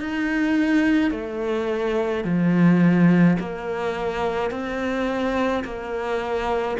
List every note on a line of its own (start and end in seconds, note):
0.00 1.11 D#4
1.11 2.24 A3
2.24 3.37 F3
3.39 4.51 A#3
4.51 5.64 C4
5.64 6.77 A#3